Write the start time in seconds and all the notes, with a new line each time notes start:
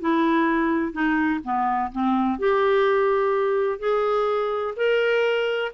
0.00 E4
0.92 D#4
1.44 B3
1.92 C4
2.39 G4
3.79 G#4
4.76 A#4